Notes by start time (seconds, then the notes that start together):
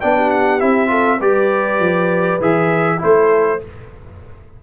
0.00 B3 D4 D5 G5
0.16 G4
0.30 F#5
0.59 C4 E4 E5
0.87 F4 A4
1.18 G3 G4 B4 D5
1.79 F3
2.40 E3 G#4 E5
2.98 A3 E4 A4 C5